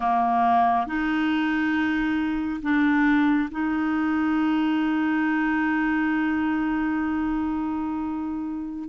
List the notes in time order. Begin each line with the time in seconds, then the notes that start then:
0.00 A#3
0.87 D#4
2.62 D4
3.51 D#4